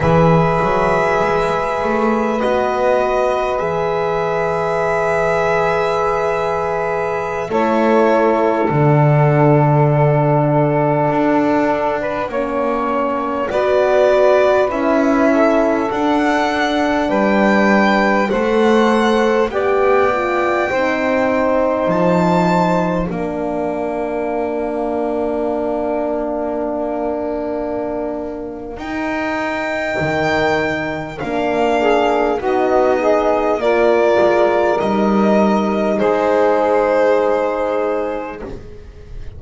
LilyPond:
<<
  \new Staff \with { instrumentName = "violin" } { \time 4/4 \tempo 4 = 50 e''2 dis''4 e''4~ | e''2~ e''16 cis''4 fis''8.~ | fis''2.~ fis''16 d''8.~ | d''16 e''4 fis''4 g''4 fis''8.~ |
fis''16 g''2 a''4 f''8.~ | f''1 | g''2 f''4 dis''4 | d''4 dis''4 c''2 | }
  \new Staff \with { instrumentName = "saxophone" } { \time 4/4 b'1~ | b'2~ b'16 a'4.~ a'16~ | a'2 b'16 cis''4 b'8.~ | b'8. a'4. b'4 c''8.~ |
c''16 d''4 c''2 ais'8.~ | ais'1~ | ais'2~ ais'8 gis'8 fis'8 gis'8 | ais'2 gis'2 | }
  \new Staff \with { instrumentName = "horn" } { \time 4/4 gis'2 fis'4 gis'4~ | gis'2~ gis'16 e'4 d'8.~ | d'2~ d'16 cis'4 fis'8.~ | fis'16 e'4 d'2 a'8.~ |
a'16 g'8 f'8 dis'2 d'8.~ | d'1 | dis'2 d'4 dis'4 | f'4 dis'2. | }
  \new Staff \with { instrumentName = "double bass" } { \time 4/4 e8 fis8 gis8 a8 b4 e4~ | e2~ e16 a4 d8.~ | d4~ d16 d'4 ais4 b8.~ | b16 cis'4 d'4 g4 a8.~ |
a16 b4 c'4 f4 ais8.~ | ais1 | dis'4 dis4 ais4 b4 | ais8 gis8 g4 gis2 | }
>>